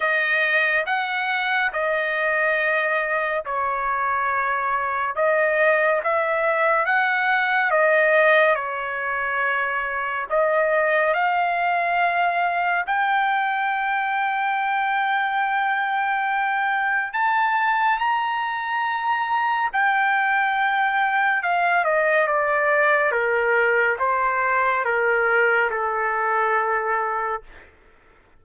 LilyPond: \new Staff \with { instrumentName = "trumpet" } { \time 4/4 \tempo 4 = 70 dis''4 fis''4 dis''2 | cis''2 dis''4 e''4 | fis''4 dis''4 cis''2 | dis''4 f''2 g''4~ |
g''1 | a''4 ais''2 g''4~ | g''4 f''8 dis''8 d''4 ais'4 | c''4 ais'4 a'2 | }